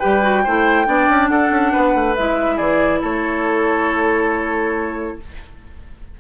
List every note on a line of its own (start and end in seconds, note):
0.00 0.46 G3
0.00 0.22 G4
0.00 0.44 B4
0.00 1.28 G5
0.23 0.44 F#4
0.44 0.87 A3
0.44 0.86 E4
0.44 0.87 C5
0.86 1.09 B3
0.86 2.16 D4
0.86 1.31 D5
1.09 1.30 C#4
1.28 1.51 D4
1.28 1.73 A4
1.28 2.15 F#5
1.51 1.72 C#4
1.73 1.95 B3
1.73 2.56 B4
1.95 2.17 A3
2.16 2.59 G#3
2.16 5.20 E4
2.16 2.58 E5
2.56 3.02 E3
2.56 3.00 G#4
2.56 3.01 D5
3.02 5.19 A3
3.02 5.18 A4
3.02 5.20 C#5